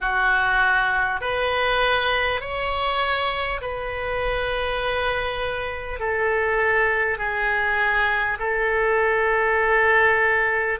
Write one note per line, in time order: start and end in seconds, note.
0.00 1.20 F#4
1.21 2.40 B4
2.40 3.60 C#5
3.61 5.99 B4
5.99 7.17 A4
7.17 8.37 G#4
8.39 10.79 A4